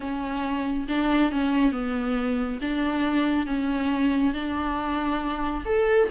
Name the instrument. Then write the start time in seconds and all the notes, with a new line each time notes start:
viola
0.00 C#4
0.88 D4
1.31 C#4
1.72 B3
2.61 D4
3.46 C#4
4.33 D4
5.65 A4